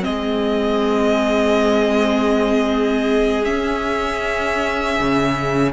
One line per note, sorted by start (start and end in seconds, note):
0.00 3.47 G#3
0.00 3.42 C4
0.00 5.72 G#4
0.00 3.44 D#5
3.43 5.71 C#4
3.43 4.99 C#4
3.43 5.72 E5
5.00 5.72 C#3